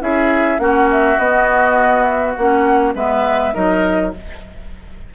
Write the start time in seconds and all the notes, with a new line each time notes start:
0.00 C#4 E4 G#4 E5
0.59 A#3 C#4 F#4 F#5
0.91 E5
1.18 B3 D#5
2.03 E5
2.35 A#3 C#4 F#5
2.95 G#3 B3 B4 E5
3.53 F#3 D#4 A#4 D#5